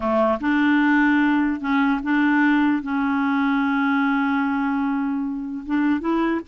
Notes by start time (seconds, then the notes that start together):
0.00 A3
0.40 D4
1.60 C#4
2.03 D4
2.82 C#4
5.66 D4
6.00 E4